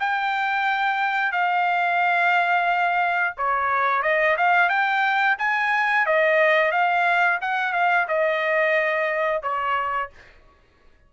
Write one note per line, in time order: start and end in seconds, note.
0.00 1.32 G5
1.32 3.34 F5
3.37 4.03 C#5
4.03 4.36 D#5
4.37 4.69 F5
4.69 5.37 G5
5.38 6.06 G#5
6.06 6.72 D#5
6.72 7.39 F5
7.41 7.73 F#5
7.73 8.07 F5
8.08 9.43 D#5
9.43 10.10 C#5